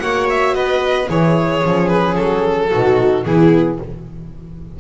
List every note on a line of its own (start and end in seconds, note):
0.00 0.55 A#3
0.00 1.08 F#4
0.00 0.56 C#5
0.00 0.27 F#5
0.30 0.55 E5
0.55 1.09 B3
0.55 1.09 B4
0.55 1.09 D#5
1.08 1.64 E3
1.08 1.62 E4
1.08 2.71 G#4
1.08 1.88 C#5
1.62 2.19 F3
1.62 2.70 C#4
1.88 2.15 B4
2.16 2.73 F#3
2.16 3.24 A4
2.72 3.26 B2
2.72 3.26 D#4
2.72 3.26 F#4
3.26 3.80 E3
3.26 3.80 B3
3.26 3.80 E4
3.26 3.80 G#4